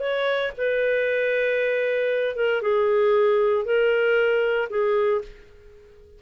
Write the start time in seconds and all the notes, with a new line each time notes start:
0.00 C#5
0.57 B4
2.36 A#4
2.62 G#4
3.65 A#4
4.70 G#4